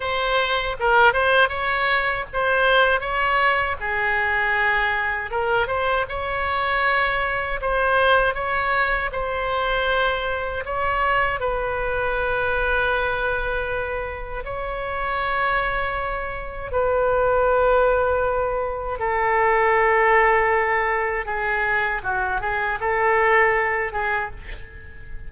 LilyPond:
\new Staff \with { instrumentName = "oboe" } { \time 4/4 \tempo 4 = 79 c''4 ais'8 c''8 cis''4 c''4 | cis''4 gis'2 ais'8 c''8 | cis''2 c''4 cis''4 | c''2 cis''4 b'4~ |
b'2. cis''4~ | cis''2 b'2~ | b'4 a'2. | gis'4 fis'8 gis'8 a'4. gis'8 | }